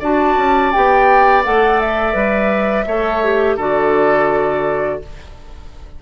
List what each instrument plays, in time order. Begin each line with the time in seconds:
0.00 bassoon D4, clarinet F#4, oboe D5, flute A5
0.37 bassoon C#4
0.72 bassoon B3, clarinet G4, flute G5
1.44 bassoon A3, clarinet A4, flute F#5
1.81 flute E5
2.14 bassoon G3, clarinet B4
2.87 bassoon A3, clarinet A4, oboe C#5
3.24 clarinet G4
3.57 bassoon D3, clarinet F#4, oboe A4, flute D5